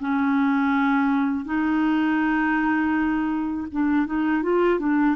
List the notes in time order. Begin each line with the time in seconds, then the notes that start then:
0.00 C#4
1.45 D#4
3.72 D4
4.06 D#4
4.43 F4
4.79 D4